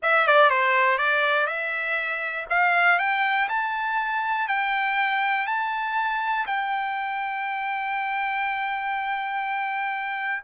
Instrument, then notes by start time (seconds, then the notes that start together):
trumpet
0.02 E5
0.27 D5
0.50 C5
0.98 D5
1.46 E5
2.49 F5
2.98 G5
3.48 A5
4.48 G5
5.47 A5
6.46 G5